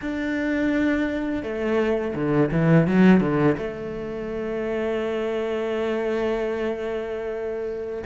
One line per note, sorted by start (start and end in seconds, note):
0.01 1.43 D4
1.43 2.14 A3
2.15 2.51 D3
2.51 2.87 E3
2.87 3.20 F#3
3.20 3.56 D3
3.57 8.04 A3